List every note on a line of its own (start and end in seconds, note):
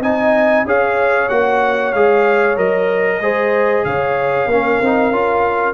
0.00 0.64 C4
0.00 0.66 D#4
0.00 0.66 D#5
0.00 0.66 G#5
0.65 1.28 C#4
0.65 1.29 G#4
0.65 3.22 C#5
0.65 1.29 F5
1.29 1.93 A#3
1.29 1.93 F#4
1.29 1.93 F#5
1.93 2.57 G#3
1.93 2.56 G#4
1.93 2.57 F5
2.56 3.20 F#3
2.56 3.20 A#4
2.56 3.84 D#5
3.20 3.84 G#3
3.20 4.50 G#4
3.20 3.86 C5
3.84 4.46 C#3
3.84 4.50 C#5
3.84 5.74 F5
4.46 4.78 A#3
4.46 4.83 C#4
4.46 5.74 A#4
4.80 5.11 C4
4.80 5.12 D#4
5.11 5.74 C#4
5.11 5.74 F4